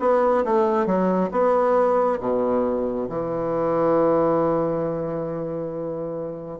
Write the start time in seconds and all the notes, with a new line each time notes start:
0.00 B3
0.45 A3
0.86 F#3
1.31 B3
2.20 B2
3.09 E3